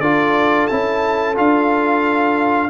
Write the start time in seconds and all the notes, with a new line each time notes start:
0.00 D4 F4 A4 D5
0.67 C#4 E4 A5
1.35 D4 F4 F5